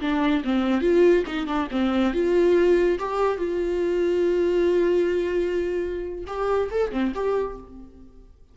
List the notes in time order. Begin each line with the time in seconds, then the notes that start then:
0.00 D4
0.44 C4
0.81 F4
1.26 D#4
1.46 D4
1.71 C4
2.13 F4
2.98 G4
3.38 F4
6.27 G4
6.71 A4
6.91 C4
7.14 G4